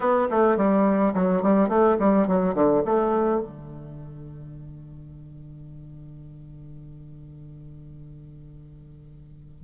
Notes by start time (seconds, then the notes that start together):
0.00 B3
0.30 A3
0.57 G3
1.14 F#3
1.42 G3
1.68 A3
1.99 G3
2.27 F#3
2.54 D3
2.85 A3
3.41 D3